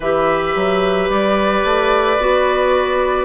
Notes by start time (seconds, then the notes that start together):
0.00 E3 G4 B4 E5
0.55 F#3
1.09 G3 D5
1.64 A3
2.18 B3 F#4